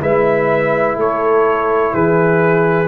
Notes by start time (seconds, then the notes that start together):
0.00 G#3 E4 B4 E5
0.97 A3 A4 C#5
1.94 E3 G#4 B4